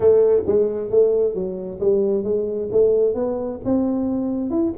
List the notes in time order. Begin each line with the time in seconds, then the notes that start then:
0.00 A3
0.46 G#3
0.90 A3
1.34 F#3
1.80 G3
2.23 G#3
2.71 A3
3.14 B3
3.64 C4
4.50 E4